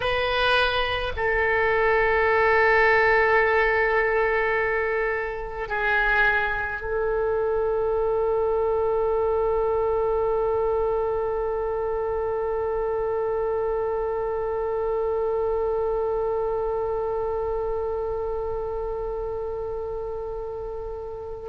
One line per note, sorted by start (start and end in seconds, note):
0.00 1.12 B4
1.16 5.68 A4
5.68 6.81 G#4
6.81 21.49 A4